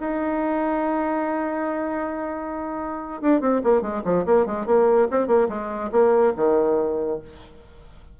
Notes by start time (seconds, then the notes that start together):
0.00 D#4
3.22 D4
3.41 C4
3.63 A#3
3.81 G#3
4.04 F3
4.25 A#3
4.46 G#3
4.66 A#3
5.10 C4
5.27 A#3
5.48 G#3
5.91 A#3
6.36 D#3